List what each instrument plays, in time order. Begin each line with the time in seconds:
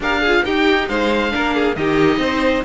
0.00 cello D4, viola G4, violin A#4, oboe F5
0.20 violin G#4
0.26 viola F4
0.44 viola D#4, cello D#4, violin G4, oboe G5
0.88 cello G#3, violin C5, oboe F5
1.30 cello A#3, viola D4, violin A#4
1.54 violin G#4
1.75 cello D#3, viola D#4, violin G4, oboe D#5
2.18 cello C4, violin C5